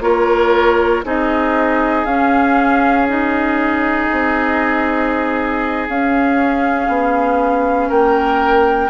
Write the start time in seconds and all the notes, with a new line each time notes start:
0.00 A#3 F4 A#4 C#5
1.04 C4 D#4 G#4 D#5
2.04 C#4 F5
3.08 D#4 D#5
4.11 C4
5.88 C#4 F5
6.88 B3
7.89 A#3 A#4 G5